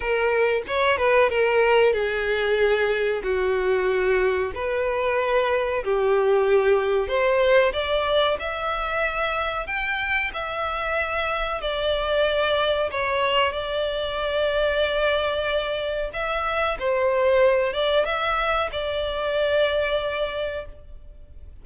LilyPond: \new Staff \with { instrumentName = "violin" } { \time 4/4 \tempo 4 = 93 ais'4 cis''8 b'8 ais'4 gis'4~ | gis'4 fis'2 b'4~ | b'4 g'2 c''4 | d''4 e''2 g''4 |
e''2 d''2 | cis''4 d''2.~ | d''4 e''4 c''4. d''8 | e''4 d''2. | }